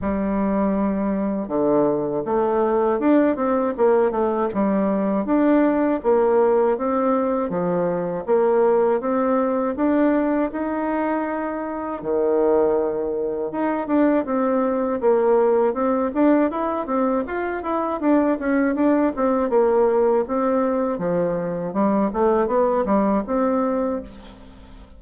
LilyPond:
\new Staff \with { instrumentName = "bassoon" } { \time 4/4 \tempo 4 = 80 g2 d4 a4 | d'8 c'8 ais8 a8 g4 d'4 | ais4 c'4 f4 ais4 | c'4 d'4 dis'2 |
dis2 dis'8 d'8 c'4 | ais4 c'8 d'8 e'8 c'8 f'8 e'8 | d'8 cis'8 d'8 c'8 ais4 c'4 | f4 g8 a8 b8 g8 c'4 | }